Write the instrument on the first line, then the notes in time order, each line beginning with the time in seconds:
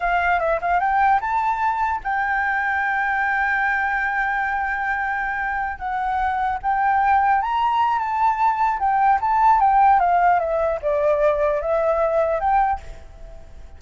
flute
0.00 F5
0.39 E5
0.61 F5
0.80 G5
1.20 A5
2.03 G5
5.78 F#5
6.62 G5
7.41 A#5
7.98 A5
8.79 G5
9.20 A5
9.59 G5
9.99 F5
10.39 E5
10.81 D5
11.61 E5
12.39 G5